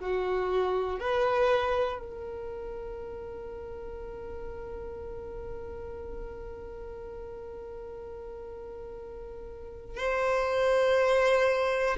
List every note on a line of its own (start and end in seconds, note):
0.00 1.00 F#4
1.00 1.99 B4
1.99 9.96 A#4
9.96 11.96 C5